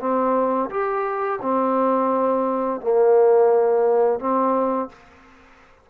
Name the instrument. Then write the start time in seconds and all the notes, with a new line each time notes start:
trombone
0.00 C4
0.70 G4
1.42 C4
2.81 A#3
4.20 C4